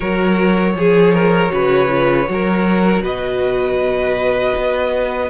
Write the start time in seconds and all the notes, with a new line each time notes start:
0.00 F#3 F#4 A#4 C#5
0.74 F3 G#4
1.13 A#4
1.49 C#3 F#4 B4
1.89 F4
2.26 F#3 F#4
2.32 A#4
3.00 B2 B4 D#5
4.57 B3